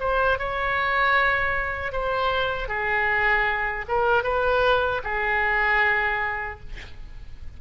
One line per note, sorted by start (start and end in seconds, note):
0.00 0.39 C5
0.39 1.93 C#5
1.93 2.69 C5
2.69 3.86 G#4
3.89 4.24 A#4
4.24 5.02 B4
5.04 6.60 G#4